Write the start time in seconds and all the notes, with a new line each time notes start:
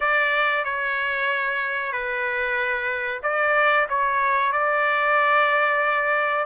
0.00 D5
0.64 C#5
1.92 B4
3.22 D5
3.89 C#5
4.52 D5